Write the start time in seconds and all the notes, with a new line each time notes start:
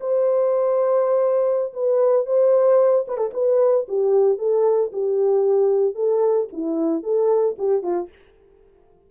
0.00 C5
1.73 B4
2.26 C5
3.07 B4
3.17 A4
3.33 B4
3.88 G4
4.38 A4
4.92 G4
5.95 A4
6.52 E4
7.03 A4
7.58 G4
7.82 F4